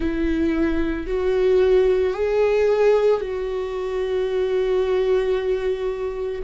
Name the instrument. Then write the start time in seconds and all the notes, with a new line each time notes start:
viola
0.00 E4
1.06 F#4
2.13 G#4
3.20 F#4